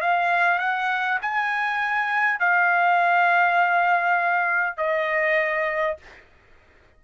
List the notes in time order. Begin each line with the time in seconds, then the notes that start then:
0.00 F5
0.58 F#5
1.21 G#5
2.39 F5
4.77 D#5